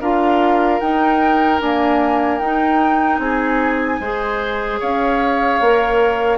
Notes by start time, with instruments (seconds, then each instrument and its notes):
0.00 bassoon D4, clarinet F4, oboe A#4, flute F5
0.79 bassoon D#4, clarinet D#4, flute G5
1.60 clarinet A#3, bassoon D4, flute G#5
2.39 bassoon D#4, clarinet D#4, flute G5
3.18 bassoon C4, oboe G#4, flute G#5
4.00 bassoon G#3, clarinet G#4, oboe C5
4.79 bassoon C#4, oboe C#5, flute F5
5.60 bassoon A#3, clarinet A#4